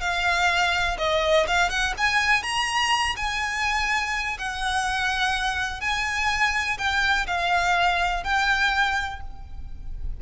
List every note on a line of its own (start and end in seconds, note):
0.00 0.97 F5
0.98 1.46 D#5
1.47 1.69 F5
1.69 1.93 F#5
1.97 2.43 G#5
2.43 3.15 A#5
3.16 4.37 G#5
4.38 5.80 F#5
5.80 6.77 G#5
6.78 7.26 G5
7.26 8.23 F5
8.23 9.20 G5